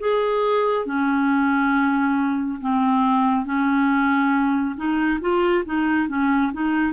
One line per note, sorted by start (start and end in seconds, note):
0.00 0.86 G#4
0.86 2.60 C#4
2.61 3.45 C4
3.45 4.76 C#4
4.77 5.20 D#4
5.21 5.64 F4
5.66 6.09 D#4
6.09 6.52 C#4
6.53 6.93 D#4